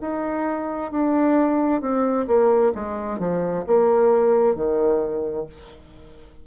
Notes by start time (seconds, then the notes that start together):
0.00 D#4
0.91 D4
1.81 C4
2.27 A#3
2.74 G#3
3.19 F3
3.67 A#3
4.55 D#3